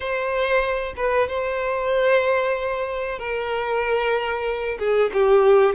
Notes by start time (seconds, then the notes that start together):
0.00 C5
0.96 B4
1.28 C5
3.18 A#4
4.79 G#4
5.13 G4